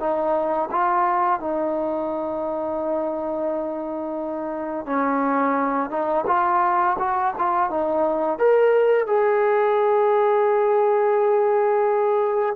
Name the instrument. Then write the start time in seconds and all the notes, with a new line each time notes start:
trombone
0.00 D#4
0.71 F4
1.40 D#4
4.86 C#4
5.90 D#4
6.27 F4
6.99 F#4
7.38 F4
7.70 D#4
8.39 A#4
9.07 G#4